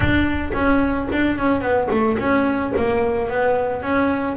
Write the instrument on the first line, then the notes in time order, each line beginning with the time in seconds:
double bass
0.00 D4
0.53 C#4
1.12 D4
1.38 C#4
1.60 B3
1.91 A3
2.18 C#4
2.76 A#3
3.29 B3
3.82 C#4